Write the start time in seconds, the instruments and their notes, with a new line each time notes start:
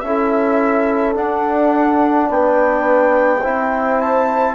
0.00 bassoon C#4, trombone E4, flute E5
0.06 horn A4
1.14 trombone D4, bassoon D4, flute F#5
2.29 bassoon B3, horn B4, flute G5
3.40 bassoon C4, trombone E4, horn C5
4.01 flute A5